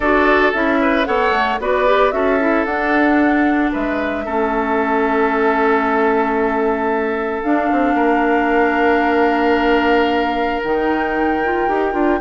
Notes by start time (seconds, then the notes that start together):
0.00 D4 F#4 A4 D5
0.53 C#4 E4 E5
0.81 B4
1.05 B3 A4 C#5 F#5
1.31 A3
1.59 B3 F#4 B4 D5
1.86 G4
2.11 C#4 F#4 A4 E5
2.39 E4
2.65 D4 F#5
3.72 G#3 B4 E5
4.25 A3 C#4 A4
7.42 D4 F5
7.71 C4
7.93 A#3 A#4
10.62 D#3 D#4 G5
11.43 F4
11.68 D#4 G4
11.92 D4 F4